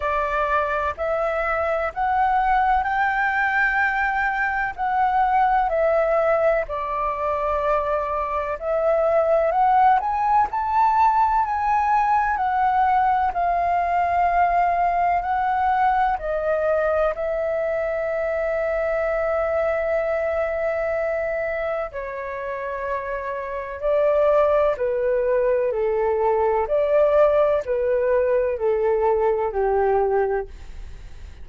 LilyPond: \new Staff \with { instrumentName = "flute" } { \time 4/4 \tempo 4 = 63 d''4 e''4 fis''4 g''4~ | g''4 fis''4 e''4 d''4~ | d''4 e''4 fis''8 gis''8 a''4 | gis''4 fis''4 f''2 |
fis''4 dis''4 e''2~ | e''2. cis''4~ | cis''4 d''4 b'4 a'4 | d''4 b'4 a'4 g'4 | }